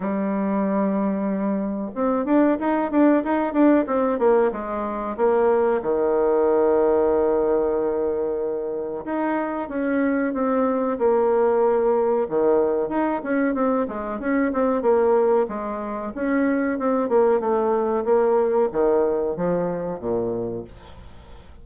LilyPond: \new Staff \with { instrumentName = "bassoon" } { \time 4/4 \tempo 4 = 93 g2. c'8 d'8 | dis'8 d'8 dis'8 d'8 c'8 ais8 gis4 | ais4 dis2.~ | dis2 dis'4 cis'4 |
c'4 ais2 dis4 | dis'8 cis'8 c'8 gis8 cis'8 c'8 ais4 | gis4 cis'4 c'8 ais8 a4 | ais4 dis4 f4 ais,4 | }